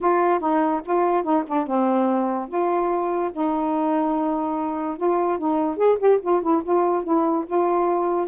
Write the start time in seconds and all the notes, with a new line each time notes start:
0.00 F4
0.39 D#4
0.85 F4
1.23 D#4
1.47 D4
1.66 C4
2.48 F4
3.32 D#4
4.97 F4
5.38 D#4
5.76 G#4
5.98 G4
6.21 F4
6.42 E4
6.63 F4
7.03 E4
7.46 F4